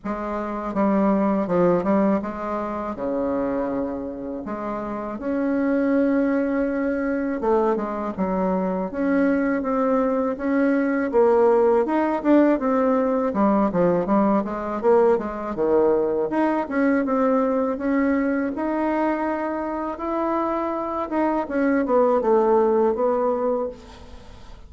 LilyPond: \new Staff \with { instrumentName = "bassoon" } { \time 4/4 \tempo 4 = 81 gis4 g4 f8 g8 gis4 | cis2 gis4 cis'4~ | cis'2 a8 gis8 fis4 | cis'4 c'4 cis'4 ais4 |
dis'8 d'8 c'4 g8 f8 g8 gis8 | ais8 gis8 dis4 dis'8 cis'8 c'4 | cis'4 dis'2 e'4~ | e'8 dis'8 cis'8 b8 a4 b4 | }